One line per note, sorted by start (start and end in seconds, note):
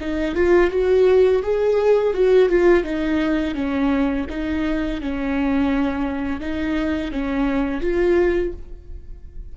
0.00 0.35 D#4
0.35 0.70 F4
0.70 1.42 F#4
1.42 2.14 G#4
2.14 2.49 F#4
2.49 2.83 F4
2.83 3.55 D#4
3.55 4.26 C#4
4.29 5.01 D#4
5.01 6.40 C#4
6.40 7.11 D#4
7.11 7.81 C#4
7.81 8.52 F4